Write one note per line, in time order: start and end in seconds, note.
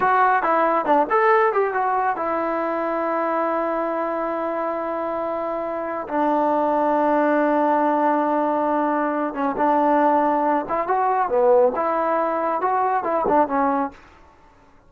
0.00 0.42 F#4
0.42 0.85 E4
0.85 1.07 D4
1.09 1.52 A4
1.52 1.73 G4
1.73 2.16 F#4
2.16 6.07 E4
6.08 9.34 D4
9.34 9.55 C#4
9.57 10.65 D4
10.69 10.87 E4
10.87 11.28 F#4
11.28 11.72 B3
11.75 12.61 E4
12.61 13.03 F#4
13.03 13.25 E4
13.27 13.47 D4
13.47 13.91 C#4